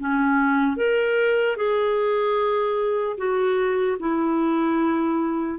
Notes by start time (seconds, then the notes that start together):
0.00 C#4
0.77 A#4
1.57 G#4
3.18 F#4
4.00 E4